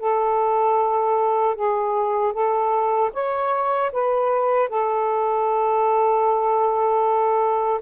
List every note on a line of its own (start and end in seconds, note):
0.00 1.55 A4
1.55 2.33 G#4
2.33 3.11 A4
3.13 3.91 C#5
3.93 4.69 B4
4.69 7.81 A4